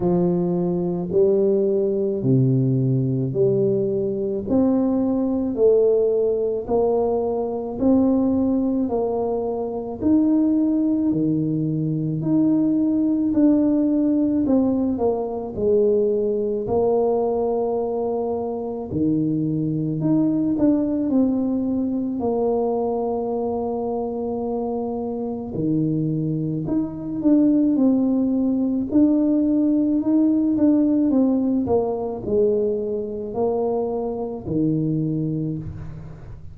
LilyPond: \new Staff \with { instrumentName = "tuba" } { \time 4/4 \tempo 4 = 54 f4 g4 c4 g4 | c'4 a4 ais4 c'4 | ais4 dis'4 dis4 dis'4 | d'4 c'8 ais8 gis4 ais4~ |
ais4 dis4 dis'8 d'8 c'4 | ais2. dis4 | dis'8 d'8 c'4 d'4 dis'8 d'8 | c'8 ais8 gis4 ais4 dis4 | }